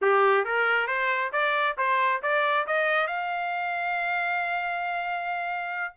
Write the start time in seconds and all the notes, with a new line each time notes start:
0.01 G4
0.45 A#4
0.87 C5
1.32 D5
1.77 C5
2.22 D5
2.66 D#5
3.07 F5